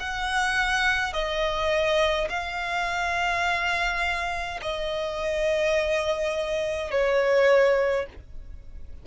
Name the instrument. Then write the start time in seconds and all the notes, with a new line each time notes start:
violin
0.00 F#5
1.13 D#5
2.30 F5
4.62 D#5
6.91 C#5